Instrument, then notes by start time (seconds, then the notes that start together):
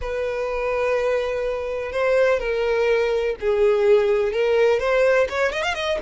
violin
0.01 B4
1.92 C5
2.39 A#4
3.40 G#4
4.32 A#4
4.79 C5
5.29 C#5
5.52 D#5
5.62 F5
5.74 D#5